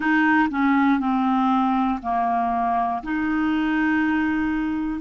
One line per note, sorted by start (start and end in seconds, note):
0.00 0.48 D#4
0.50 1.00 C#4
1.00 2.00 C4
2.02 3.02 A#3
3.03 5.00 D#4